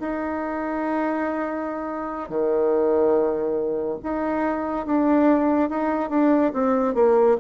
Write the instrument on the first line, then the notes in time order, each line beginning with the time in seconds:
bassoon
0.00 D#4
2.29 D#3
4.03 D#4
4.86 D4
5.69 D#4
6.10 D4
6.53 C4
6.94 A#3